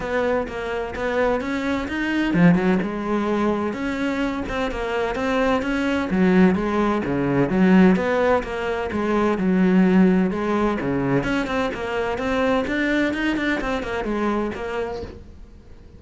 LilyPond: \new Staff \with { instrumentName = "cello" } { \time 4/4 \tempo 4 = 128 b4 ais4 b4 cis'4 | dis'4 f8 fis8 gis2 | cis'4. c'8 ais4 c'4 | cis'4 fis4 gis4 cis4 |
fis4 b4 ais4 gis4 | fis2 gis4 cis4 | cis'8 c'8 ais4 c'4 d'4 | dis'8 d'8 c'8 ais8 gis4 ais4 | }